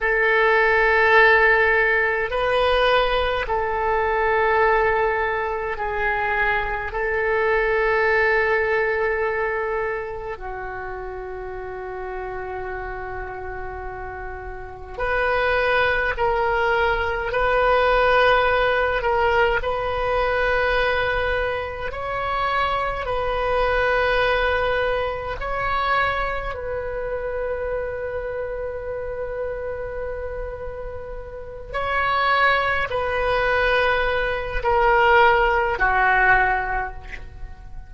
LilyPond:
\new Staff \with { instrumentName = "oboe" } { \time 4/4 \tempo 4 = 52 a'2 b'4 a'4~ | a'4 gis'4 a'2~ | a'4 fis'2.~ | fis'4 b'4 ais'4 b'4~ |
b'8 ais'8 b'2 cis''4 | b'2 cis''4 b'4~ | b'2.~ b'8 cis''8~ | cis''8 b'4. ais'4 fis'4 | }